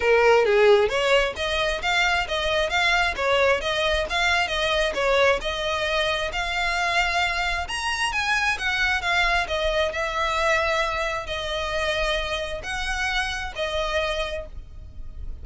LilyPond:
\new Staff \with { instrumentName = "violin" } { \time 4/4 \tempo 4 = 133 ais'4 gis'4 cis''4 dis''4 | f''4 dis''4 f''4 cis''4 | dis''4 f''4 dis''4 cis''4 | dis''2 f''2~ |
f''4 ais''4 gis''4 fis''4 | f''4 dis''4 e''2~ | e''4 dis''2. | fis''2 dis''2 | }